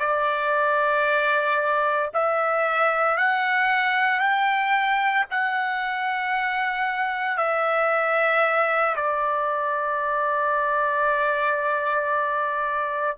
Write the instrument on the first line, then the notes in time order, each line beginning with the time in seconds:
trumpet
0.00 D5
2.14 E5
3.18 F#5
4.20 G5
5.31 F#5
7.38 E5
8.96 D5